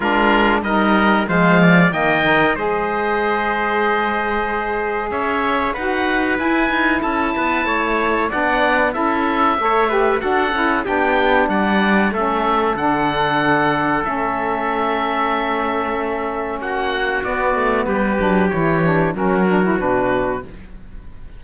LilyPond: <<
  \new Staff \with { instrumentName = "oboe" } { \time 4/4 \tempo 4 = 94 ais'4 dis''4 f''4 g''4 | dis''1 | e''4 fis''4 gis''4 a''4~ | a''4 fis''4 e''2 |
fis''4 g''4 fis''4 e''4 | fis''2 e''2~ | e''2 fis''4 d''4 | b'4 cis''4 ais'4 b'4 | }
  \new Staff \with { instrumentName = "trumpet" } { \time 4/4 f'4 ais'4 c''8 d''8 dis''4 | c''1 | cis''4 b'2 a'8 b'8 | cis''4 d''4 a'4 cis''8 b'8 |
a'4 g'4 d''4 a'4~ | a'1~ | a'2 fis'2 | g'2 fis'2 | }
  \new Staff \with { instrumentName = "saxophone" } { \time 4/4 d'4 dis'4 gis4 ais8 ais'8 | gis'1~ | gis'4 fis'4 e'2~ | e'4 d'4 e'4 a'8 g'8 |
fis'8 e'8 d'2 cis'4 | d'2 cis'2~ | cis'2. b4~ | b8 d'8 e'8 d'8 cis'8 d'16 e'16 d'4 | }
  \new Staff \with { instrumentName = "cello" } { \time 4/4 gis4 g4 f4 dis4 | gis1 | cis'4 dis'4 e'8 dis'8 cis'8 b8 | a4 b4 cis'4 a4 |
d'8 cis'8 b4 g4 a4 | d2 a2~ | a2 ais4 b8 a8 | g8 fis8 e4 fis4 b,4 | }
>>